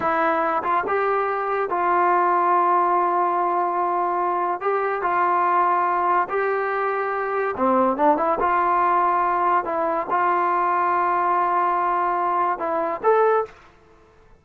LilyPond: \new Staff \with { instrumentName = "trombone" } { \time 4/4 \tempo 4 = 143 e'4. f'8 g'2 | f'1~ | f'2. g'4 | f'2. g'4~ |
g'2 c'4 d'8 e'8 | f'2. e'4 | f'1~ | f'2 e'4 a'4 | }